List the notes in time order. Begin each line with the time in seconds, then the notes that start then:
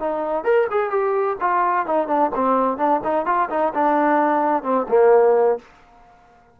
0.00 D#4
0.44 A#4
0.71 G#4
0.90 G4
1.41 F4
1.86 D#4
2.07 D4
2.35 C4
2.77 D4
3.04 D#4
3.26 F4
3.50 D#4
3.74 D4
4.63 C4
4.89 A#3